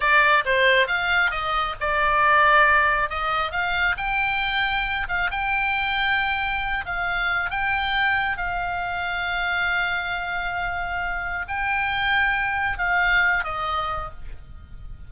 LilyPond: \new Staff \with { instrumentName = "oboe" } { \time 4/4 \tempo 4 = 136 d''4 c''4 f''4 dis''4 | d''2. dis''4 | f''4 g''2~ g''8 f''8 | g''2.~ g''8 f''8~ |
f''4 g''2 f''4~ | f''1~ | f''2 g''2~ | g''4 f''4. dis''4. | }